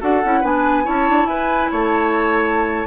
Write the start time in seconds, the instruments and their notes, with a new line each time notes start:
0.00 bassoon D4, clarinet F#4, oboe A4, flute F#5
0.24 bassoon C#4, clarinet E4
0.40 bassoon B3, clarinet D4, oboe B4, flute G#5
0.84 bassoon C#4, clarinet E4, oboe C#5, flute A5
1.09 bassoon D4
1.25 bassoon E4, oboe B4, flute G#5
1.71 bassoon A3, oboe C#5, flute A5